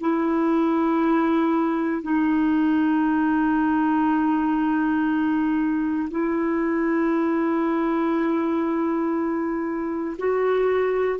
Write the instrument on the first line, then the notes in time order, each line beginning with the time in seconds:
clarinet
0.00 E4
2.02 D#4
6.10 E4
10.18 F#4